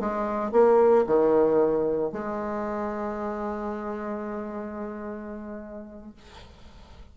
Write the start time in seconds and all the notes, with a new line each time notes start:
0.00 G#3
0.52 A#3
1.07 D#3
2.12 G#3